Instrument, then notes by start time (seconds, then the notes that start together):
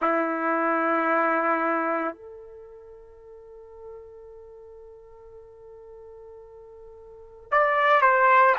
trumpet
0.01 E4
2.13 A4
7.51 D5
8.01 C5